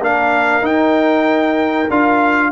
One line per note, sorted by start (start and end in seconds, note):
0.00 0.62 A#3
0.00 0.62 D4
0.00 2.51 A#4
0.00 0.65 F5
0.62 1.87 D#4
0.62 1.90 G5
1.90 2.51 D4
1.90 2.51 F4
1.90 2.51 F5